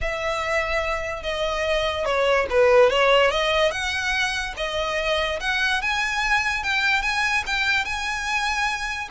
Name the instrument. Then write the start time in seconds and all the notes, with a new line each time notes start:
violin
0.01 E5
1.22 D#5
2.05 C#5
2.49 B4
2.90 C#5
3.30 D#5
3.71 F#5
4.56 D#5
5.40 F#5
5.81 G#5
6.63 G5
7.02 G#5
7.46 G5
7.84 G#5